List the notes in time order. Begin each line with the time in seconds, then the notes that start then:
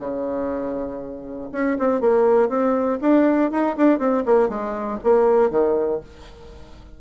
0.00 C#3
1.52 C#4
1.79 C4
2.01 A#3
2.49 C4
3.02 D4
3.52 D#4
3.77 D4
3.99 C4
4.26 A#3
4.49 G#3
5.04 A#3
5.51 D#3